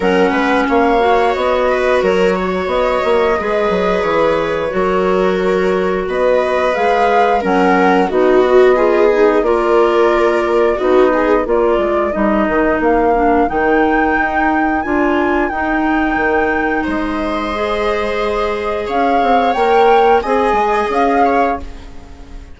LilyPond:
<<
  \new Staff \with { instrumentName = "flute" } { \time 4/4 \tempo 4 = 89 fis''4 f''4 dis''4 cis''4 | dis''2 cis''2~ | cis''4 dis''4 f''4 fis''4 | dis''2 d''2 |
dis''4 d''4 dis''4 f''4 | g''2 gis''4 g''4~ | g''4 dis''2. | f''4 g''4 gis''4 f''4 | }
  \new Staff \with { instrumentName = "viola" } { \time 4/4 ais'8 b'8 cis''4. b'8 ais'8 cis''8~ | cis''4 b'2 ais'4~ | ais'4 b'2 ais'4 | fis'4 gis'4 ais'2 |
fis'8 gis'8 ais'2.~ | ais'1~ | ais'4 c''2. | cis''2 dis''4. cis''8 | }
  \new Staff \with { instrumentName = "clarinet" } { \time 4/4 cis'4. fis'2~ fis'8~ | fis'4 gis'2 fis'4~ | fis'2 gis'4 cis'4 | dis'8 fis'8 f'8 dis'8 f'2 |
dis'4 f'4 dis'4. d'8 | dis'2 f'4 dis'4~ | dis'2 gis'2~ | gis'4 ais'4 gis'2 | }
  \new Staff \with { instrumentName = "bassoon" } { \time 4/4 fis8 gis8 ais4 b4 fis4 | b8 ais8 gis8 fis8 e4 fis4~ | fis4 b4 gis4 fis4 | b2 ais2 |
b4 ais8 gis8 g8 dis8 ais4 | dis4 dis'4 d'4 dis'4 | dis4 gis2. | cis'8 c'8 ais4 c'8 gis8 cis'4 | }
>>